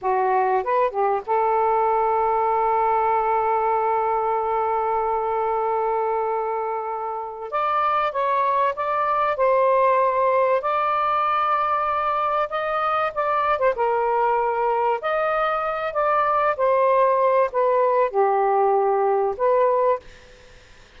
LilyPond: \new Staff \with { instrumentName = "saxophone" } { \time 4/4 \tempo 4 = 96 fis'4 b'8 g'8 a'2~ | a'1~ | a'1 | d''4 cis''4 d''4 c''4~ |
c''4 d''2. | dis''4 d''8. c''16 ais'2 | dis''4. d''4 c''4. | b'4 g'2 b'4 | }